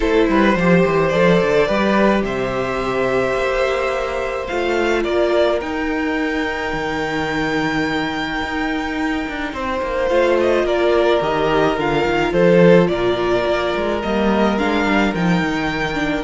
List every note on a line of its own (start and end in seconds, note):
0.00 0.28 A3
0.00 0.55 E4
0.00 0.26 A4
0.00 1.09 C5
0.28 0.55 G3
0.28 0.58 B4
0.55 0.83 F3
0.55 1.12 G4
0.55 1.67 C5
0.85 1.13 E3
1.09 1.41 F3
1.09 1.67 A4
1.09 2.21 D5
1.42 1.68 D3
1.67 2.22 G3
1.67 4.47 G4
1.67 2.23 B4
2.22 3.34 C3
2.22 5.03 C5
2.22 4.46 E5
3.35 4.47 A#3
4.46 5.05 A3
4.46 5.61 F4
4.46 5.02 F5
5.03 5.61 A#3
5.03 9.51 A#4
5.03 5.59 D5
5.61 6.73 D#4
5.61 10.09 D#4
5.61 10.08 G5
6.73 8.41 D#3
8.42 9.26 D#4
9.28 9.52 D4
9.52 9.80 C4
9.52 10.65 C5
9.82 10.10 A#3
10.08 10.63 A3
10.08 11.20 F4
10.08 10.36 F5
10.40 10.67 D#5
10.63 11.19 A#3
10.63 12.31 A#4
10.63 11.23 D5
11.20 11.77 D#3
11.20 11.76 G4
11.20 11.79 D#5
11.77 12.05 D3
11.77 14.03 F4
11.77 12.32 F5
12.05 12.32 D#3
12.31 12.88 F3
12.31 12.87 A4
12.31 12.87 C5
12.87 13.45 A#2
12.87 16.23 A#4
12.87 14.00 D5
13.46 13.74 A#3
13.75 14.03 G#3
14.02 14.58 G3
14.02 14.59 A#3
14.02 14.58 D#5
14.58 14.84 G#3
14.58 15.15 D4
14.58 15.14 F5
14.84 15.12 G3
15.14 15.41 F3
15.14 15.94 D#4
15.14 16.23 G5
15.41 16.23 D#3
15.94 16.22 D4